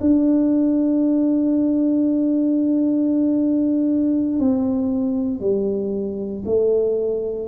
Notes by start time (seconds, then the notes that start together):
0.00 D4
4.39 C4
5.39 G3
6.45 A3